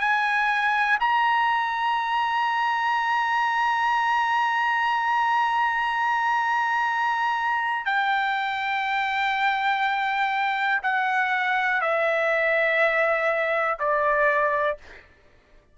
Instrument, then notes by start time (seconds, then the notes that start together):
trumpet
0.00 G#5
1.00 A#5
7.86 G5
10.83 F#5
11.81 E5
13.79 D5